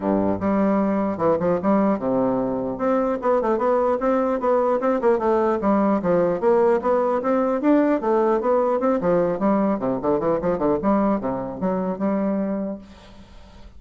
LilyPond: \new Staff \with { instrumentName = "bassoon" } { \time 4/4 \tempo 4 = 150 g,4 g2 e8 f8 | g4 c2 c'4 | b8 a8 b4 c'4 b4 | c'8 ais8 a4 g4 f4 |
ais4 b4 c'4 d'4 | a4 b4 c'8 f4 g8~ | g8 c8 d8 e8 f8 d8 g4 | c4 fis4 g2 | }